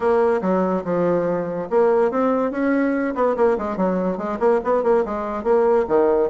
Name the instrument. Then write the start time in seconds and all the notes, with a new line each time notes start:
bassoon
0.00 A#3
0.41 F#3
0.84 F3
1.70 A#3
2.11 C4
2.51 C#4
3.14 B3
3.36 A#3
3.58 G#3
3.76 F#3
4.17 G#3
4.39 A#3
4.63 B3
4.83 A#3
5.05 G#3
5.43 A#3
5.87 D#3